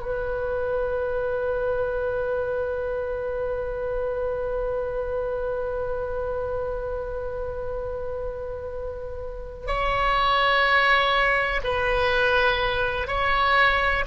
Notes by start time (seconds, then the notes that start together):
0.00 B4
9.68 C#5
11.64 B4
13.08 C#5